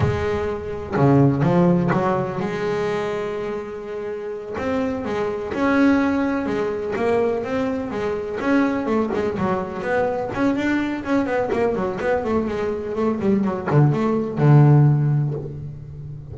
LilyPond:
\new Staff \with { instrumentName = "double bass" } { \time 4/4 \tempo 4 = 125 gis2 cis4 f4 | fis4 gis2.~ | gis4. c'4 gis4 cis'8~ | cis'4. gis4 ais4 c'8~ |
c'8 gis4 cis'4 a8 gis8 fis8~ | fis8 b4 cis'8 d'4 cis'8 b8 | ais8 fis8 b8 a8 gis4 a8 g8 | fis8 d8 a4 d2 | }